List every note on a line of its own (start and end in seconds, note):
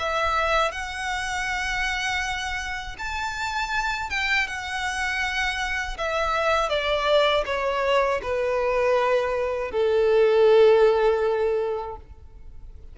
0.00 0.72 E5
0.72 2.97 F#5
2.99 4.10 A5
4.10 4.48 G5
4.48 5.98 F#5
5.98 6.70 E5
6.70 7.45 D5
7.46 8.21 C#5
8.23 9.72 B4
9.72 11.97 A4